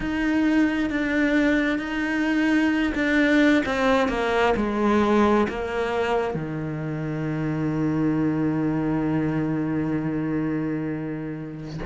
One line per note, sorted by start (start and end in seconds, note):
0.00 0.90 D#4
0.90 1.79 D4
1.79 2.92 D#4
2.95 3.63 D4
3.65 4.08 C4
4.08 4.53 A#3
4.56 5.47 G#3
5.48 6.34 A#3
6.34 11.79 D#3